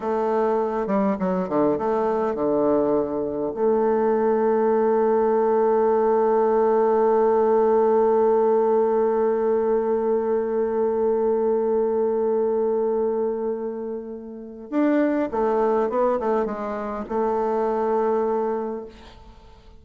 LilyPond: \new Staff \with { instrumentName = "bassoon" } { \time 4/4 \tempo 4 = 102 a4. g8 fis8 d8 a4 | d2 a2~ | a1~ | a1~ |
a1~ | a1~ | a4 d'4 a4 b8 a8 | gis4 a2. | }